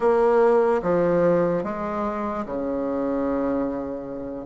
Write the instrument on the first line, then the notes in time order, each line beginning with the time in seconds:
bassoon
0.00 A#3
0.82 F3
1.63 G#3
2.45 C#3